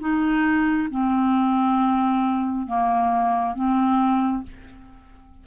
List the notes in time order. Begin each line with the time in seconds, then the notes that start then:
0.00 D#4
0.91 C4
2.67 A#3
3.55 C4